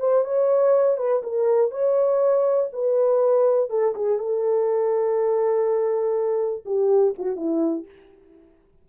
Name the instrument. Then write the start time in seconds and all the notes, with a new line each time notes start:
horn
0.00 C5
0.25 C#5
0.97 B4
1.23 A#4
1.71 C#5
2.72 B4
3.70 A4
3.95 G#4
4.18 A4
6.65 G4
7.18 F#4
7.36 E4